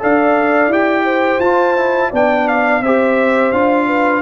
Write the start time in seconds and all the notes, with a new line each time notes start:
0.00 D4 A4 D5 F5
0.68 E4 G4 G5
1.05 C5
1.40 F4 A5
1.77 E4
2.10 B3 D4 D5 G5
2.48 F5
2.81 C4 G4 C5 E5
3.52 D4 F4 F5
3.87 B4